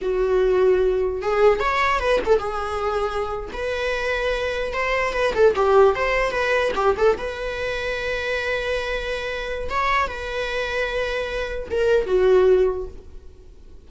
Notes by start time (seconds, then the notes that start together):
0.01 F#4
1.22 G#4
1.59 C#5
1.99 B4
2.25 A4
2.39 G#4
3.52 B4
4.73 C5
5.13 B4
5.34 A4
5.55 G4
5.95 C5
6.31 B4
6.75 G4
6.97 A4
7.17 B4
9.69 C#5
10.07 B4
11.70 A#4
12.06 F#4